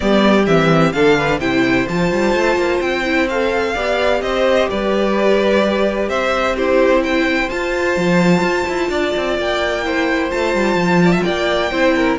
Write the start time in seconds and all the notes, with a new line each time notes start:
0.00 G3 B3 G4 D5
0.46 E3 C4 E5
0.92 D3 D4 A4 F5
1.17 B4
1.39 C3 E4 C5 G5
1.88 F3 F4 A5
2.11 G3
2.34 A3
2.56 A#3
2.80 C4 G5
3.04 E4
3.29 A4 F5
3.74 B3 G4 D5
4.21 C4 C5 D#5
4.69 G3 B4 D5
6.08 C4 C5 E5
6.55 E4 G4 C5
7.03 C5 G5
7.49 F4 A5
7.96 F3
8.41 F4
8.68 E4
8.89 D4 D5
9.16 C4
9.37 A#3 G5
9.83 E4 C5
10.30 A3 F4 A5
10.54 G3
10.74 F3
11.04 D5
11.12 E5
11.22 A#3 D5 G5
11.70 C4 E4 C5
11.95 A#4